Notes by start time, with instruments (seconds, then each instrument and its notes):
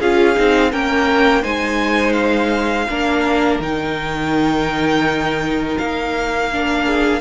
0.00 cello C#4, viola F4, violin G#4 F5
0.35 cello C4, viola D#4
0.72 cello A#3, viola C#4, violin A#4 G5
1.42 cello G#3, viola D#4, violin C5 G#5
2.13 violin F5
2.89 cello A#3, viola D4, violin A#4
3.60 cello D#3, viola D#4, violin G5
5.78 cello A#3, violin F5
6.52 viola D4
6.85 violin G#4